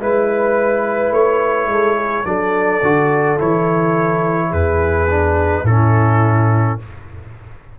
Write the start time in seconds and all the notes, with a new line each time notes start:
0.00 G#3 E4 B4
1.11 A3 C#5
1.67 G#3 A4
1.96 G#4
2.25 F#3 D4 A4 D5
2.82 D3 F#4
3.38 E3 E4 C#5
4.50 E2 G#4 B4
5.09 D4
5.63 A2 C#4 E4 A4